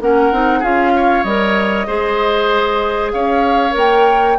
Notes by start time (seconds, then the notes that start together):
0.00 A#3 C#4 A#4 F#5
0.31 C4 D#4
0.59 C#4 F4 G#4 F5
0.96 C#5
1.23 G3 A#4 D#5
1.86 G#3 G#4 C5
3.11 C#4 C#5 F5
3.70 A#3 A#4
3.77 G5